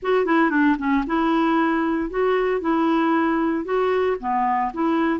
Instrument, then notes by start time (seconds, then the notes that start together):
clarinet
0.02 F#4
0.25 E4
0.50 D4
0.78 C#4
1.06 E4
2.10 F#4
2.60 E4
3.64 F#4
4.20 B3
4.73 E4